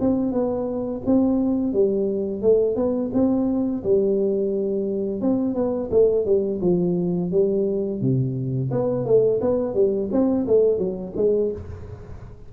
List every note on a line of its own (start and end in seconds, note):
0.00 0.31 C4
0.31 1.01 B3
1.05 1.73 C4
1.73 2.41 G3
2.41 2.76 A3
2.76 3.10 B3
3.13 3.83 C4
3.83 5.21 G3
5.21 5.54 C4
5.54 5.89 B3
5.90 6.25 A3
6.25 6.60 G3
6.61 7.31 F3
7.31 8.00 G3
8.01 8.71 C3
8.71 9.05 B3
9.05 9.40 A3
9.41 9.74 B3
9.74 10.09 G3
10.11 10.46 C4
10.47 10.78 A3
10.78 11.13 F#3
11.16 11.51 G#3